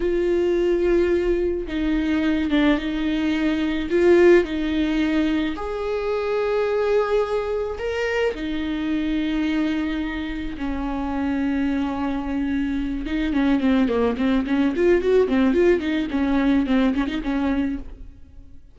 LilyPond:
\new Staff \with { instrumentName = "viola" } { \time 4/4 \tempo 4 = 108 f'2. dis'4~ | dis'8 d'8 dis'2 f'4 | dis'2 gis'2~ | gis'2 ais'4 dis'4~ |
dis'2. cis'4~ | cis'2.~ cis'8 dis'8 | cis'8 c'8 ais8 c'8 cis'8 f'8 fis'8 c'8 | f'8 dis'8 cis'4 c'8 cis'16 dis'16 cis'4 | }